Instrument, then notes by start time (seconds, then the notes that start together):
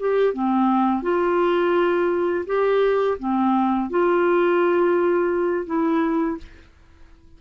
clarinet
0.00 G4
0.34 C4
1.03 F4
2.46 G4
3.19 C4
3.90 F4
5.67 E4